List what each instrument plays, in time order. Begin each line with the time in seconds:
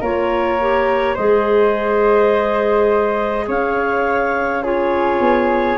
0.00 tuba A#3, clarinet F4 C#5, flute A#4
0.60 clarinet G4
1.15 tuba G#3, clarinet G#4 D#5, flute C5
3.48 tuba C#4, flute C#5, clarinet F5
4.63 clarinet F4 C#5, flute G#4
5.20 tuba B3